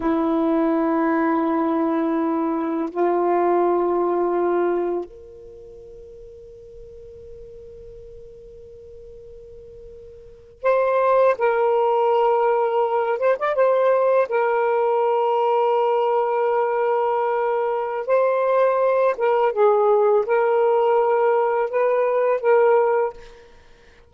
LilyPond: \new Staff \with { instrumentName = "saxophone" } { \time 4/4 \tempo 4 = 83 e'1 | f'2. ais'4~ | ais'1~ | ais'2~ ais'8. c''4 ais'16~ |
ais'2~ ais'16 c''16 d''16 c''4 ais'16~ | ais'1~ | ais'4 c''4. ais'8 gis'4 | ais'2 b'4 ais'4 | }